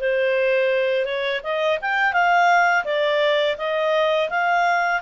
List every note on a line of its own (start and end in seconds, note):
0.00 1.05 C5
1.05 1.41 C#5
1.43 1.79 D#5
1.81 2.13 G5
2.13 2.84 F5
2.84 3.56 D5
3.57 4.29 D#5
4.30 5.01 F5